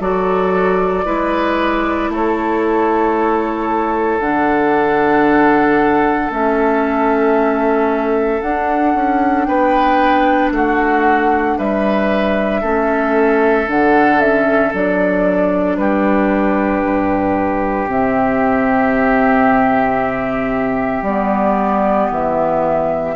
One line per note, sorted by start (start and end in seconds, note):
0.00 1.05 F#3
0.00 1.05 F#4
0.00 1.05 A4
0.00 2.12 D5
1.05 2.09 G#3
1.05 4.20 E4
1.05 2.11 B4
2.09 4.20 A3
2.09 9.48 A4
2.09 4.20 C#5
4.20 6.30 D3
4.20 6.31 D4
4.20 6.31 F#5
6.30 8.41 A3
6.30 8.41 C#4
6.30 8.42 E5
8.42 8.95 D4
8.42 12.63 D4
8.42 9.45 F#5
8.95 9.47 C#4
9.45 10.51 B3
9.45 10.53 B4
9.45 10.50 G5
10.51 11.57 A3
10.51 11.58 F#4
10.51 11.59 F#5
11.58 12.63 G3
11.58 12.61 B4
11.58 13.69 E5
12.61 13.68 A3
12.61 13.67 C#4
12.61 15.77 A4
13.67 14.73 D3
13.67 14.20 D4
13.67 14.20 F#5
14.20 14.72 C#4
14.20 14.73 E5
14.73 15.78 F#3
14.73 17.89 D4
14.73 15.77 D5
15.77 16.83 G3
15.77 23.16 G4
15.77 17.88 B4
16.84 17.87 G2
17.87 21.02 C3
17.87 21.04 C4
17.87 21.05 E5
21.02 22.08 G3
21.02 23.16 B3
21.02 22.10 D5
22.11 23.16 E3
22.11 23.16 E5